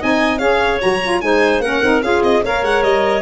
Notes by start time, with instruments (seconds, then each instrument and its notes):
0.00 tuba C4, saxophone D#4, clarinet D#5, violin G#5
0.39 tuba C#4, saxophone G#4, clarinet C#5, violin F5
0.80 tuba F#3, saxophone F#4, violin A#5
1.03 saxophone F4
1.22 tuba G#3, saxophone D#4, clarinet C5, violin G#5
1.60 tuba A#3, saxophone C#4, clarinet A#4, violin F#5
1.83 tuba C4, saxophone D#4
2.02 tuba C#4, saxophone F4, clarinet G#4, violin F5
2.23 tuba C4, violin D#5
2.44 tuba A#3, saxophone A#4, clarinet C#5, violin F5
2.63 tuba G#3, violin F#5
2.83 tuba G3, violin D#5